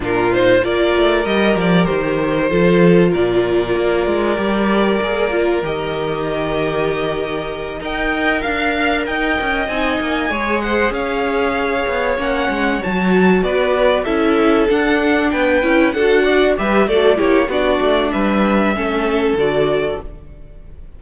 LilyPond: <<
  \new Staff \with { instrumentName = "violin" } { \time 4/4 \tempo 4 = 96 ais'8 c''8 d''4 dis''8 d''8 c''4~ | c''4 d''2.~ | d''4 dis''2.~ | dis''8 g''4 f''4 g''4 gis''8~ |
gis''4 fis''8 f''2 fis''8~ | fis''8 a''4 d''4 e''4 fis''8~ | fis''8 g''4 fis''4 e''8 d''8 cis''8 | d''4 e''2 d''4 | }
  \new Staff \with { instrumentName = "violin" } { \time 4/4 f'4 ais'2. | a'4 ais'2.~ | ais'1~ | ais'8 dis''4 f''4 dis''4.~ |
dis''8 cis''8 c''8 cis''2~ cis''8~ | cis''4. b'4 a'4.~ | a'8 b'4 a'8 d''8 b'8 a'8 g'8 | fis'4 b'4 a'2 | }
  \new Staff \with { instrumentName = "viola" } { \time 4/4 d'8 dis'8 f'4 g'2 | f'2. g'4 | gis'8 f'8 g'2.~ | g'8 ais'2. dis'8~ |
dis'8 gis'2. cis'8~ | cis'8 fis'2 e'4 d'8~ | d'4 e'8 fis'4 g'8 fis'8 e'8 | d'2 cis'4 fis'4 | }
  \new Staff \with { instrumentName = "cello" } { \time 4/4 ais,4 ais8 a8 g8 f8 dis4 | f4 ais,4 ais8 gis8 g4 | ais4 dis2.~ | dis8 dis'4 d'4 dis'8 cis'8 c'8 |
ais8 gis4 cis'4. b8 ais8 | gis8 fis4 b4 cis'4 d'8~ | d'8 b8 cis'8 d'4 g8 a8 ais8 | b8 a8 g4 a4 d4 | }
>>